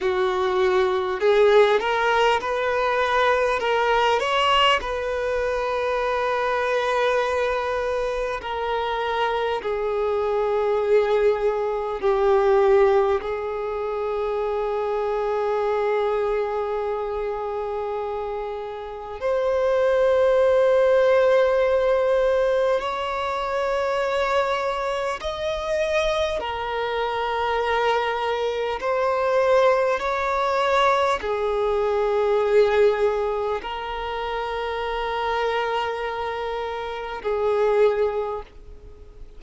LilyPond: \new Staff \with { instrumentName = "violin" } { \time 4/4 \tempo 4 = 50 fis'4 gis'8 ais'8 b'4 ais'8 cis''8 | b'2. ais'4 | gis'2 g'4 gis'4~ | gis'1 |
c''2. cis''4~ | cis''4 dis''4 ais'2 | c''4 cis''4 gis'2 | ais'2. gis'4 | }